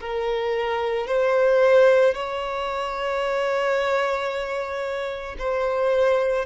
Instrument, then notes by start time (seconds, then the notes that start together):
violin
0.00 A#4
1.07 C5
2.14 C#5
5.39 C5